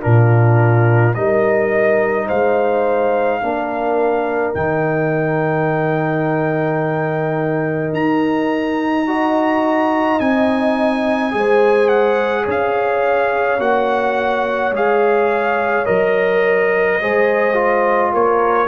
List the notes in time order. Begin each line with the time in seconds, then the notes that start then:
0.00 A#2 D4 F4 A#4
1.14 G3 D#4 A#4 D#5
2.26 G#3 C5 F5
3.40 A#3 D4 A#4
4.54 D#3 D#4 G5
7.92 D#4 A#5
9.06 F#4 D#5
10.19 C4 D#4 G#5
11.31 G#3 G#4 C5
11.88 F#5
12.43 C#4 C#5
12.50 F5
13.58 A#3 F#4 F#5
14.71 G#3 G#4 F5
15.85 F#3 A#4 D#5
17.00 G#3 G#4 C5
17.53 F4
18.12 A#3 A#4 C#5